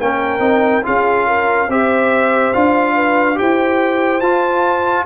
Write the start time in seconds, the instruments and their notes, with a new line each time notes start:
0.00 tuba A#3, trombone C#4, horn A#4, trumpet G5
0.39 tuba C4, trombone D#4
0.83 tuba C#4, trombone F4, horn G#4, trumpet F5
1.26 horn A#4
1.68 tuba C4, trombone G4, horn C5, trumpet E5
2.53 tuba D4, trombone F4, trumpet F5
2.94 horn B4
3.34 trombone G4, horn C5, trumpet G5
3.41 tuba E4
4.20 tuba F4, trombone F4, trumpet A5